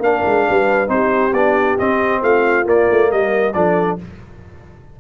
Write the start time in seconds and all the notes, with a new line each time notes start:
0.00 A#3 D4 A#4 F5
0.26 G#3
0.49 G3 B4
0.87 C4 D#4 G4 C5
1.33 B3 D4 D5
1.78 C4 D#5
2.22 A3 F4 F5
2.65 A#3 D5
2.91 A3
3.10 G3 A#4 D#5
3.53 F3 D4 A4 D5